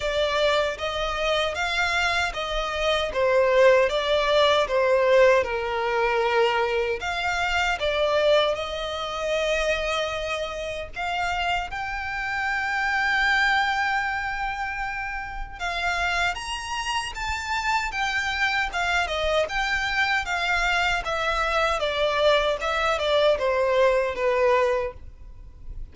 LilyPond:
\new Staff \with { instrumentName = "violin" } { \time 4/4 \tempo 4 = 77 d''4 dis''4 f''4 dis''4 | c''4 d''4 c''4 ais'4~ | ais'4 f''4 d''4 dis''4~ | dis''2 f''4 g''4~ |
g''1 | f''4 ais''4 a''4 g''4 | f''8 dis''8 g''4 f''4 e''4 | d''4 e''8 d''8 c''4 b'4 | }